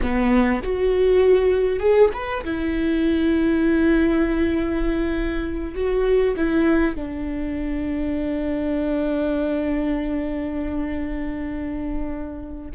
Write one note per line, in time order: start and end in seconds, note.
0.02 0.62 B3
0.62 1.79 F#4
1.79 2.09 G#4
2.13 2.44 B4
2.44 5.74 E4
5.74 6.35 F#4
6.36 6.95 E4
6.95 12.71 D4